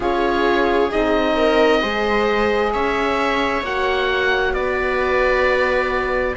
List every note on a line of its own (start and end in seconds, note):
0.00 0.90 C#4
0.00 0.90 F4
0.00 1.34 G#4
0.00 0.91 C#5
0.90 1.83 C4
0.90 1.81 D#4
0.90 2.72 D#5
1.36 1.81 A#4
1.81 2.74 G#3
1.81 3.63 G#4
1.81 2.72 C5
2.72 3.62 C#4
2.72 4.54 C#5
2.72 3.63 E5
3.62 4.53 A#3
3.62 6.36 F#4
3.62 4.53 F#5
4.53 6.35 B3
4.53 6.36 B4
4.53 6.35 D5